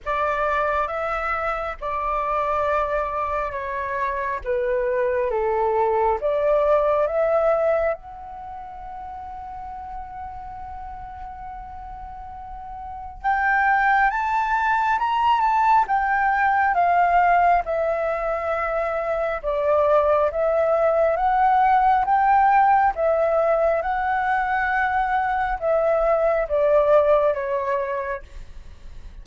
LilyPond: \new Staff \with { instrumentName = "flute" } { \time 4/4 \tempo 4 = 68 d''4 e''4 d''2 | cis''4 b'4 a'4 d''4 | e''4 fis''2.~ | fis''2. g''4 |
a''4 ais''8 a''8 g''4 f''4 | e''2 d''4 e''4 | fis''4 g''4 e''4 fis''4~ | fis''4 e''4 d''4 cis''4 | }